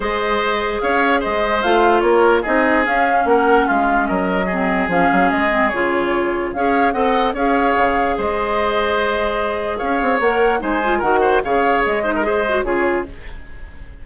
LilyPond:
<<
  \new Staff \with { instrumentName = "flute" } { \time 4/4 \tempo 4 = 147 dis''2 f''4 dis''4 | f''4 cis''4 dis''4 f''4 | fis''4 f''4 dis''2 | f''4 dis''4 cis''2 |
f''4 fis''4 f''2 | dis''1 | f''4 fis''4 gis''4 fis''4 | f''4 dis''2 cis''4 | }
  \new Staff \with { instrumentName = "oboe" } { \time 4/4 c''2 cis''4 c''4~ | c''4 ais'4 gis'2 | ais'4 f'4 ais'4 gis'4~ | gis'1 |
cis''4 dis''4 cis''2 | c''1 | cis''2 c''4 ais'8 c''8 | cis''4. c''16 ais'16 c''4 gis'4 | }
  \new Staff \with { instrumentName = "clarinet" } { \time 4/4 gis'1 | f'2 dis'4 cis'4~ | cis'2. c'4 | cis'4. c'8 f'2 |
gis'4 a'4 gis'2~ | gis'1~ | gis'4 ais'4 dis'8 f'8 fis'4 | gis'4. dis'8 gis'8 fis'8 f'4 | }
  \new Staff \with { instrumentName = "bassoon" } { \time 4/4 gis2 cis'4 gis4 | a4 ais4 c'4 cis'4 | ais4 gis4 fis2 | f8 fis8 gis4 cis2 |
cis'4 c'4 cis'4 cis4 | gis1 | cis'8 c'8 ais4 gis4 dis4 | cis4 gis2 cis4 | }
>>